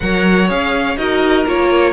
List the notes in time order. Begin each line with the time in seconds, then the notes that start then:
0.00 F#3 A#4 C#5 F#5
0.47 C#4 G#4 F5
0.96 D#4 F#4 A#4 D#5
1.45 A#3 F4 C#5